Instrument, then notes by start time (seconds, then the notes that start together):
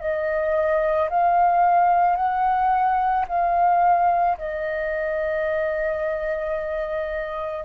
flute
0.00 D#5
1.09 F5
2.16 F#5
3.28 F5
4.37 D#5